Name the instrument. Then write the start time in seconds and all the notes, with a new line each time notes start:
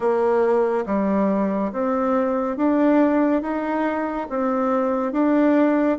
bassoon
0.00 A#3
0.86 G3
1.72 C4
2.56 D4
3.42 D#4
4.29 C4
5.12 D4